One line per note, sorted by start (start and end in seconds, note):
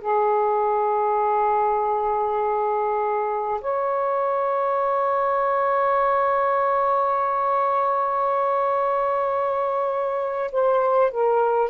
0.00 3.60 G#4
3.61 10.51 C#5
10.51 11.11 C5
11.11 11.70 A#4